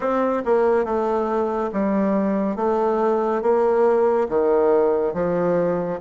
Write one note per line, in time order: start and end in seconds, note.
0.00 0.42 C4
0.45 0.84 A#3
0.84 1.70 A3
1.72 2.56 G3
2.56 3.41 A3
3.42 4.27 A#3
4.29 5.13 D#3
5.13 5.99 F3